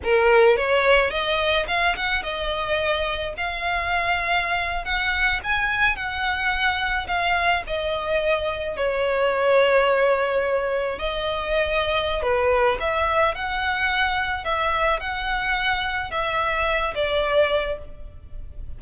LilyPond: \new Staff \with { instrumentName = "violin" } { \time 4/4 \tempo 4 = 108 ais'4 cis''4 dis''4 f''8 fis''8 | dis''2 f''2~ | f''8. fis''4 gis''4 fis''4~ fis''16~ | fis''8. f''4 dis''2 cis''16~ |
cis''2.~ cis''8. dis''16~ | dis''2 b'4 e''4 | fis''2 e''4 fis''4~ | fis''4 e''4. d''4. | }